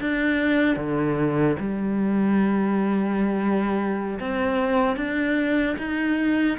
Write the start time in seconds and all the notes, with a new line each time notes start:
0.00 D4
0.76 D3
1.59 G3
4.19 C4
4.96 D4
5.78 D#4